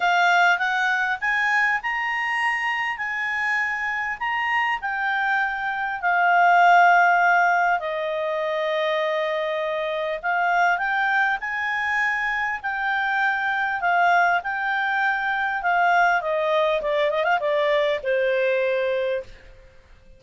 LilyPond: \new Staff \with { instrumentName = "clarinet" } { \time 4/4 \tempo 4 = 100 f''4 fis''4 gis''4 ais''4~ | ais''4 gis''2 ais''4 | g''2 f''2~ | f''4 dis''2.~ |
dis''4 f''4 g''4 gis''4~ | gis''4 g''2 f''4 | g''2 f''4 dis''4 | d''8 dis''16 f''16 d''4 c''2 | }